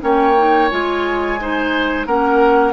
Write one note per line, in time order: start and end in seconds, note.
0.00 0.71 A#3
0.00 0.34 C#4
0.00 1.40 C#5
0.00 0.69 G5
0.37 0.70 D#4
0.69 2.06 G#3
0.69 1.38 F4
0.69 2.05 G#5
1.40 2.06 D#4
1.40 2.07 C5
2.06 2.73 A#3
2.06 2.73 C#4
2.06 2.73 A#4
2.06 2.73 F#5